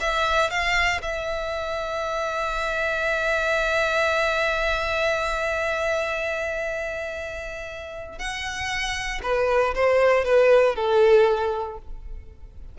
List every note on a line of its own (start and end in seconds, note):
0.00 0.50 E5
0.50 1.01 F5
1.01 8.18 E5
8.18 9.21 F#5
9.22 9.74 B4
9.74 10.24 C5
10.24 10.75 B4
10.75 11.78 A4